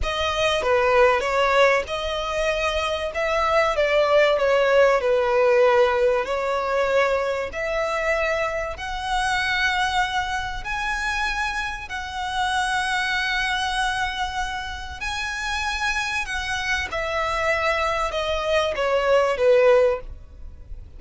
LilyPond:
\new Staff \with { instrumentName = "violin" } { \time 4/4 \tempo 4 = 96 dis''4 b'4 cis''4 dis''4~ | dis''4 e''4 d''4 cis''4 | b'2 cis''2 | e''2 fis''2~ |
fis''4 gis''2 fis''4~ | fis''1 | gis''2 fis''4 e''4~ | e''4 dis''4 cis''4 b'4 | }